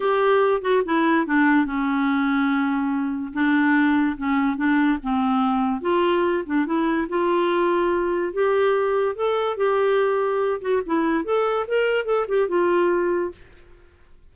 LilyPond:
\new Staff \with { instrumentName = "clarinet" } { \time 4/4 \tempo 4 = 144 g'4. fis'8 e'4 d'4 | cis'1 | d'2 cis'4 d'4 | c'2 f'4. d'8 |
e'4 f'2. | g'2 a'4 g'4~ | g'4. fis'8 e'4 a'4 | ais'4 a'8 g'8 f'2 | }